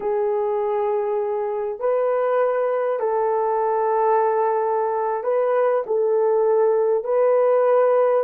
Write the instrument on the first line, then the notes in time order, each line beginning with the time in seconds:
horn
0.00 G#4
1.79 B4
2.99 A4
5.23 B4
5.86 A4
7.04 B4